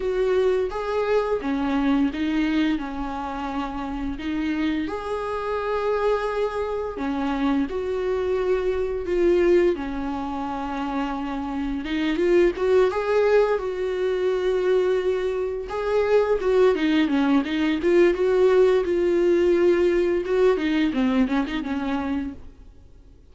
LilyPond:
\new Staff \with { instrumentName = "viola" } { \time 4/4 \tempo 4 = 86 fis'4 gis'4 cis'4 dis'4 | cis'2 dis'4 gis'4~ | gis'2 cis'4 fis'4~ | fis'4 f'4 cis'2~ |
cis'4 dis'8 f'8 fis'8 gis'4 fis'8~ | fis'2~ fis'8 gis'4 fis'8 | dis'8 cis'8 dis'8 f'8 fis'4 f'4~ | f'4 fis'8 dis'8 c'8 cis'16 dis'16 cis'4 | }